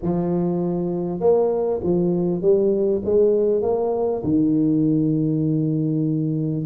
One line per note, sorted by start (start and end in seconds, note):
0.02 1.20 F3
1.20 1.80 A#3
1.83 2.41 F3
2.41 3.02 G3
3.04 3.62 G#3
3.62 4.22 A#3
4.23 6.66 D#3